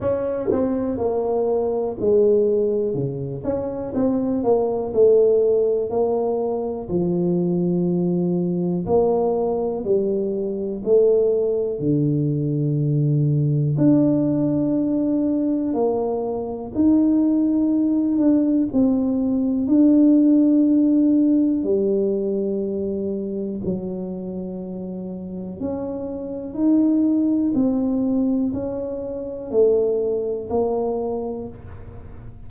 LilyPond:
\new Staff \with { instrumentName = "tuba" } { \time 4/4 \tempo 4 = 61 cis'8 c'8 ais4 gis4 cis8 cis'8 | c'8 ais8 a4 ais4 f4~ | f4 ais4 g4 a4 | d2 d'2 |
ais4 dis'4. d'8 c'4 | d'2 g2 | fis2 cis'4 dis'4 | c'4 cis'4 a4 ais4 | }